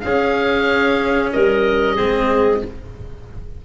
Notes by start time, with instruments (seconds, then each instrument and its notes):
0.00 tuba C#4, cello C#4, clarinet G#4, oboe F5
1.32 tuba G3, clarinet A#4, oboe D#5
1.94 tuba G#3, cello C4, clarinet G#4